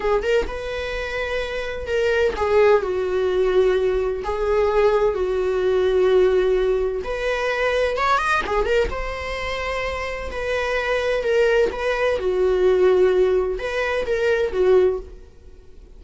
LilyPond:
\new Staff \with { instrumentName = "viola" } { \time 4/4 \tempo 4 = 128 gis'8 ais'8 b'2. | ais'4 gis'4 fis'2~ | fis'4 gis'2 fis'4~ | fis'2. b'4~ |
b'4 cis''8 dis''8 gis'8 ais'8 c''4~ | c''2 b'2 | ais'4 b'4 fis'2~ | fis'4 b'4 ais'4 fis'4 | }